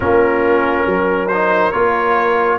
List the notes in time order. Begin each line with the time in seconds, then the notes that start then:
0.00 A#3 C#4 F4 A#4
0.85 F#3 A#4
1.28 D#4 C5
1.71 A#3 F4 C#5